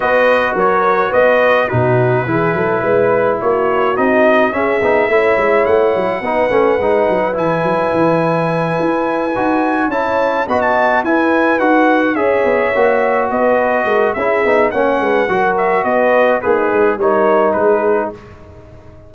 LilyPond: <<
  \new Staff \with { instrumentName = "trumpet" } { \time 4/4 \tempo 4 = 106 dis''4 cis''4 dis''4 b'4~ | b'2 cis''4 dis''4 | e''2 fis''2~ | fis''4 gis''2.~ |
gis''4. a''4 b''16 a''8. gis''8~ | gis''8 fis''4 e''2 dis''8~ | dis''4 e''4 fis''4. e''8 | dis''4 b'4 cis''4 b'4 | }
  \new Staff \with { instrumentName = "horn" } { \time 4/4 b'4 ais'4 b'4 fis'4 | gis'8 a'8 b'4 fis'2 | gis'4 cis''2 b'4~ | b'1~ |
b'4. cis''4 dis''4 b'8~ | b'4. cis''2 b'8~ | b'8 ais'8 gis'4 cis''8 b'8 ais'4 | b'4 dis'4 ais'4 gis'4 | }
  \new Staff \with { instrumentName = "trombone" } { \time 4/4 fis'2. dis'4 | e'2. dis'4 | cis'8 dis'8 e'2 dis'8 cis'8 | dis'4 e'2.~ |
e'8 fis'4 e'4 fis'4 e'8~ | e'8 fis'4 gis'4 fis'4.~ | fis'4 e'8 dis'8 cis'4 fis'4~ | fis'4 gis'4 dis'2 | }
  \new Staff \with { instrumentName = "tuba" } { \time 4/4 b4 fis4 b4 b,4 | e8 fis8 gis4 ais4 c'4 | cis'8 b8 a8 gis8 a8 fis8 b8 a8 | gis8 fis8 e8 fis8 e4. e'8~ |
e'8 dis'4 cis'4 b4 e'8~ | e'8 dis'4 cis'8 b8 ais4 b8~ | b8 gis8 cis'8 b8 ais8 gis8 fis4 | b4 ais8 gis8 g4 gis4 | }
>>